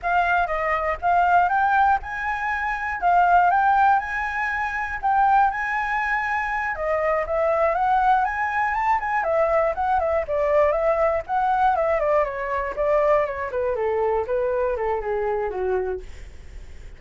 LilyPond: \new Staff \with { instrumentName = "flute" } { \time 4/4 \tempo 4 = 120 f''4 dis''4 f''4 g''4 | gis''2 f''4 g''4 | gis''2 g''4 gis''4~ | gis''4. dis''4 e''4 fis''8~ |
fis''8 gis''4 a''8 gis''8 e''4 fis''8 | e''8 d''4 e''4 fis''4 e''8 | d''8 cis''4 d''4 cis''8 b'8 a'8~ | a'8 b'4 a'8 gis'4 fis'4 | }